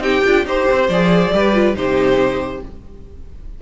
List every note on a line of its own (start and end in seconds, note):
0.00 0.21 C4
0.00 0.24 D#4
0.00 0.46 G4
0.00 0.46 G5
0.25 0.45 D4
0.25 0.47 F4
0.45 0.67 D#4
0.45 0.90 G4
0.45 1.34 C5
0.45 0.90 C5
0.72 0.89 C4
0.89 1.32 F3
0.89 1.34 G#4
0.89 1.76 D5
1.34 1.77 G3
1.34 1.55 G4
1.34 1.77 B4
1.55 1.75 F4
1.75 2.63 C3
1.75 2.61 D#4
1.75 2.63 G4
1.75 2.62 C5